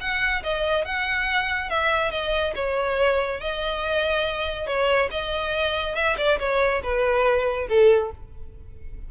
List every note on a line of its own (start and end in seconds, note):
0.00 0.43 F#5
0.43 0.84 D#5
0.84 1.69 F#5
1.69 2.11 E5
2.11 2.53 D#5
2.55 3.40 C#5
3.40 4.66 D#5
4.66 5.09 C#5
5.11 5.95 D#5
5.95 6.16 E5
6.17 6.38 D5
6.39 6.81 C#5
6.82 7.67 B4
7.68 8.11 A4